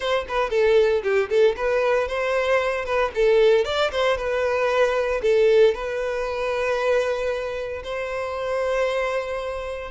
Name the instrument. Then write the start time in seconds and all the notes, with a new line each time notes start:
violin
0.00 C5
0.28 B4
0.50 A4
1.03 G4
1.29 A4
1.56 B4
2.08 C5
2.85 B4
3.14 A4
3.65 D5
3.91 C5
4.17 B4
5.22 A4
5.74 B4
7.83 C5